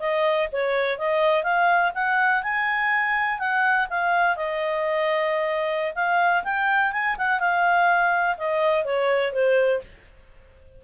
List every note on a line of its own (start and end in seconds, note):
0.00 0.48 D#5
0.52 0.98 C#5
0.98 1.44 D#5
1.44 1.92 F5
1.95 2.43 F#5
2.43 3.39 G#5
3.39 3.88 F#5
3.90 4.36 F5
4.36 5.94 D#5
5.95 6.44 F5
6.44 6.92 G5
6.92 7.17 G#5
7.18 7.40 F#5
7.40 8.37 F5
8.38 8.85 D#5
8.85 9.33 C#5
9.33 9.81 C5